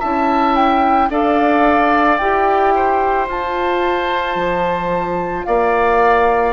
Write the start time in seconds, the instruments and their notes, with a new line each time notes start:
0.00 bassoon C#4, clarinet E4, oboe E5, flute A5
0.56 flute G5
1.10 bassoon D4, clarinet A4, oboe D5, flute F5
2.18 bassoon E4, clarinet G4, flute G5
2.75 oboe C5
3.28 clarinet F4, bassoon F4, flute A5
4.35 bassoon F3
5.45 bassoon A#3, oboe D5, flute F5